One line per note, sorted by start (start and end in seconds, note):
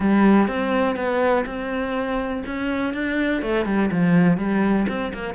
0.00 0.47 G3
0.47 0.96 C4
0.96 1.44 B3
1.45 2.43 C4
2.45 2.93 C#4
2.93 3.41 D4
3.41 3.65 A3
3.65 3.90 G3
3.91 4.37 F3
4.37 4.86 G3
4.88 5.12 C4
5.13 5.34 A#3